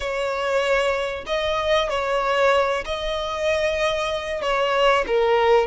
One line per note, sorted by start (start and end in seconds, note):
0.00 1.24 C#5
1.26 1.89 D#5
1.89 2.84 C#5
2.85 4.41 D#5
4.41 5.04 C#5
5.06 5.66 A#4